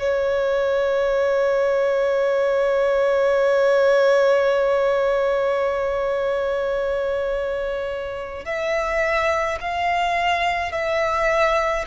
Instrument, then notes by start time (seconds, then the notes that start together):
violin
0.00 C#5
8.45 E5
9.61 F5
10.72 E5